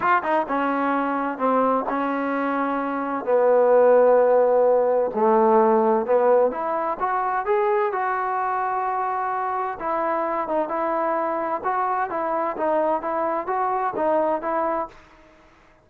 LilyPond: \new Staff \with { instrumentName = "trombone" } { \time 4/4 \tempo 4 = 129 f'8 dis'8 cis'2 c'4 | cis'2. b4~ | b2. a4~ | a4 b4 e'4 fis'4 |
gis'4 fis'2.~ | fis'4 e'4. dis'8 e'4~ | e'4 fis'4 e'4 dis'4 | e'4 fis'4 dis'4 e'4 | }